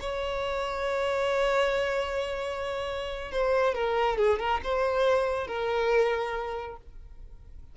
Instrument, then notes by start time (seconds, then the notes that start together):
violin
0.00 C#5
3.31 C5
3.74 A#4
4.17 G#4
4.39 A#4
4.63 C5
5.47 A#4